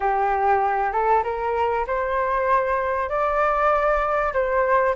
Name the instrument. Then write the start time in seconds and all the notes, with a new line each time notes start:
flute
0.00 G4
0.92 A4
1.23 A#4
1.86 C5
3.09 D5
4.33 C5